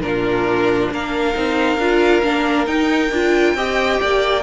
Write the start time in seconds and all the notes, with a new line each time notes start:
0.00 A#2 D4 A#4
0.06 F4
0.91 A#3 A#4 F5
1.34 C4 D#4
1.79 D4 F4
2.23 A#3 D4
2.67 D#4 G5
3.11 D4 F4
3.55 C4 G4 D#5
4.02 A#3 D5